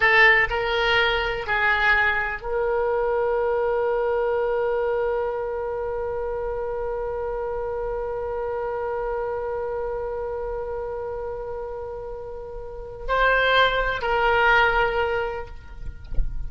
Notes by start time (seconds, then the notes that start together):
0.00 A4
0.50 A#4
1.46 G#4
2.42 A#4
13.08 C5
14.01 A#4